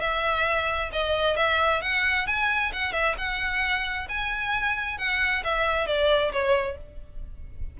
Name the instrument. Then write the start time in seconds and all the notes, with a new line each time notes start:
violin
0.00 E5
0.92 D#5
1.36 E5
1.81 F#5
2.27 G#5
2.73 F#5
2.92 E5
3.17 F#5
4.09 G#5
4.98 F#5
5.44 E5
5.87 D5
6.32 C#5